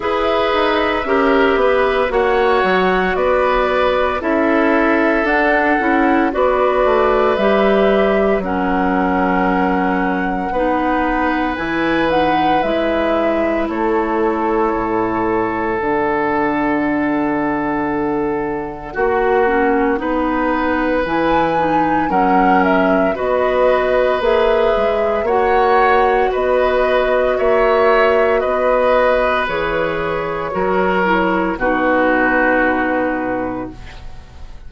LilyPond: <<
  \new Staff \with { instrumentName = "flute" } { \time 4/4 \tempo 4 = 57 e''2 fis''4 d''4 | e''4 fis''4 d''4 e''4 | fis''2. gis''8 fis''8 | e''4 cis''2 fis''4~ |
fis''1 | gis''4 fis''8 e''8 dis''4 e''4 | fis''4 dis''4 e''4 dis''4 | cis''2 b'2 | }
  \new Staff \with { instrumentName = "oboe" } { \time 4/4 b'4 ais'8 b'8 cis''4 b'4 | a'2 b'2 | ais'2 b'2~ | b'4 a'2.~ |
a'2 fis'4 b'4~ | b'4 ais'4 b'2 | cis''4 b'4 cis''4 b'4~ | b'4 ais'4 fis'2 | }
  \new Staff \with { instrumentName = "clarinet" } { \time 4/4 gis'4 g'4 fis'2 | e'4 d'8 e'8 fis'4 g'4 | cis'2 dis'4 e'8 dis'8 | e'2. d'4~ |
d'2 fis'8 cis'8 dis'4 | e'8 dis'8 cis'4 fis'4 gis'4 | fis'1 | gis'4 fis'8 e'8 dis'2 | }
  \new Staff \with { instrumentName = "bassoon" } { \time 4/4 e'8 dis'8 cis'8 b8 ais8 fis8 b4 | cis'4 d'8 cis'8 b8 a8 g4 | fis2 b4 e4 | gis4 a4 a,4 d4~ |
d2 ais4 b4 | e4 fis4 b4 ais8 gis8 | ais4 b4 ais4 b4 | e4 fis4 b,2 | }
>>